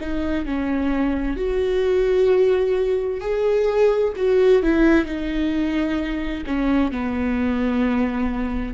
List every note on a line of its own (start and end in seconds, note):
0.00 0.45 D#4
0.45 1.37 C#4
1.37 3.21 F#4
3.21 4.13 G#4
4.16 4.62 F#4
4.62 5.06 E4
5.06 6.44 D#4
6.46 6.91 C#4
6.91 8.74 B3